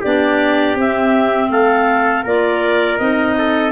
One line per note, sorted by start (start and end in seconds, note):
0.00 0.75 B3
0.00 0.78 D4
0.00 1.48 G4
0.00 0.77 D5
0.75 1.49 C4
0.75 2.26 C4
0.75 1.50 E5
1.50 2.23 A3
1.50 2.23 A4
1.50 2.24 F5
2.23 2.98 A#3
2.23 2.99 F4
2.23 3.34 A#4
2.23 2.98 D5
2.98 3.72 C4
2.98 3.72 D#4
2.98 3.72 D#5
3.38 3.72 A4